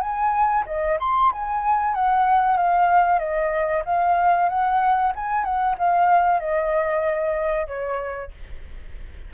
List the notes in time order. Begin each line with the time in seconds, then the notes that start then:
0.00 G#5
0.66 D#5
1.00 C6
1.32 G#5
1.94 F#5
2.56 F5
3.19 D#5
3.85 F5
4.49 F#5
5.15 G#5
5.44 F#5
5.78 F5
6.39 D#5
7.67 C#5